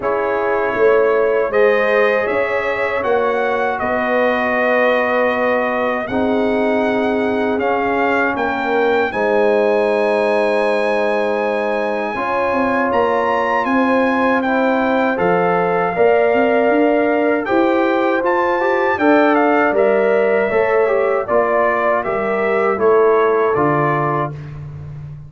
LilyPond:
<<
  \new Staff \with { instrumentName = "trumpet" } { \time 4/4 \tempo 4 = 79 cis''2 dis''4 e''4 | fis''4 dis''2. | fis''2 f''4 g''4 | gis''1~ |
gis''4 ais''4 gis''4 g''4 | f''2. g''4 | a''4 g''8 f''8 e''2 | d''4 e''4 cis''4 d''4 | }
  \new Staff \with { instrumentName = "horn" } { \time 4/4 gis'4 cis''4 c''4 cis''4~ | cis''4 b'2. | gis'2. ais'4 | c''1 |
cis''2 c''2~ | c''4 d''2 c''4~ | c''4 d''2 cis''4 | d''4 ais'4 a'2 | }
  \new Staff \with { instrumentName = "trombone" } { \time 4/4 e'2 gis'2 | fis'1 | dis'2 cis'2 | dis'1 |
f'2. e'4 | a'4 ais'2 g'4 | f'8 g'8 a'4 ais'4 a'8 g'8 | f'4 g'4 e'4 f'4 | }
  \new Staff \with { instrumentName = "tuba" } { \time 4/4 cis'4 a4 gis4 cis'4 | ais4 b2. | c'2 cis'4 ais4 | gis1 |
cis'8 c'8 ais4 c'2 | f4 ais8 c'8 d'4 e'4 | f'4 d'4 g4 a4 | ais4 g4 a4 d4 | }
>>